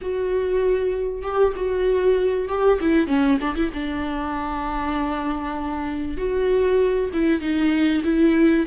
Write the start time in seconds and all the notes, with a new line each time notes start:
0.01 F#4
1.22 G4
1.55 F#4
2.48 G4
2.81 E4
3.07 C#4
3.40 D4
3.55 E4
3.73 D4
6.17 F#4
7.13 E4
7.40 D#4
8.04 E4